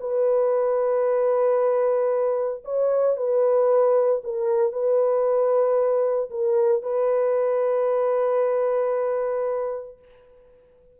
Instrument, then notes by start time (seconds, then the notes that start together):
horn
0.00 B4
2.64 C#5
3.16 B4
4.24 A#4
4.72 B4
6.30 A#4
6.82 B4